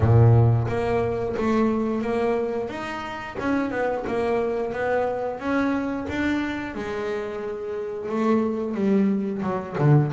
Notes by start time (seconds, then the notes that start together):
0.00 A#2
0.67 A#3
1.36 A3
2.01 A#3
2.69 D#4
3.39 C#4
3.70 B3
4.07 A#3
4.72 B3
5.39 C#4
6.09 D4
6.74 G#3
8.08 A3
8.74 G3
9.42 F#3
9.78 D3